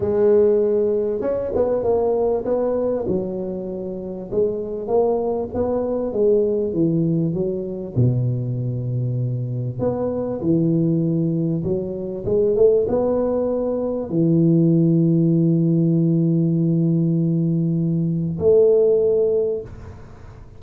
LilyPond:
\new Staff \with { instrumentName = "tuba" } { \time 4/4 \tempo 4 = 98 gis2 cis'8 b8 ais4 | b4 fis2 gis4 | ais4 b4 gis4 e4 | fis4 b,2. |
b4 e2 fis4 | gis8 a8 b2 e4~ | e1~ | e2 a2 | }